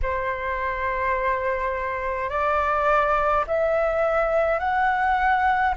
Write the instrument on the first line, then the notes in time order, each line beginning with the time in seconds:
flute
0.02 C5
2.29 D5
3.47 E5
4.58 F#5